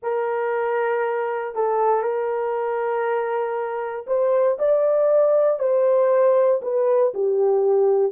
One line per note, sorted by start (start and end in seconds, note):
0.02 1.54 A#4
1.54 2.02 A4
2.02 4.05 A#4
4.06 4.57 C5
4.59 5.59 D5
5.59 6.61 C5
6.61 7.12 B4
7.14 8.12 G4